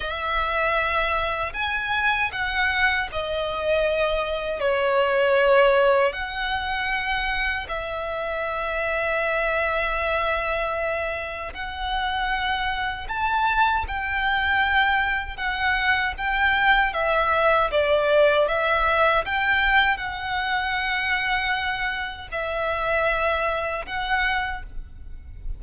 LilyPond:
\new Staff \with { instrumentName = "violin" } { \time 4/4 \tempo 4 = 78 e''2 gis''4 fis''4 | dis''2 cis''2 | fis''2 e''2~ | e''2. fis''4~ |
fis''4 a''4 g''2 | fis''4 g''4 e''4 d''4 | e''4 g''4 fis''2~ | fis''4 e''2 fis''4 | }